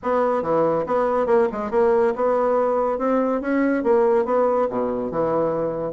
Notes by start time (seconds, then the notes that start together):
0.02 B3
0.42 E3
0.86 B3
1.26 A#3
1.51 G#3
1.71 A#3
2.15 B3
2.98 C4
3.41 C#4
3.83 A#3
4.25 B3
4.69 B2
5.11 E3